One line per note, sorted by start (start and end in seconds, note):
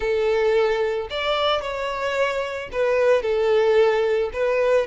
0.00 1.07 A4
1.10 1.61 D5
1.61 2.69 C#5
2.72 3.22 B4
3.22 4.30 A4
4.33 4.86 B4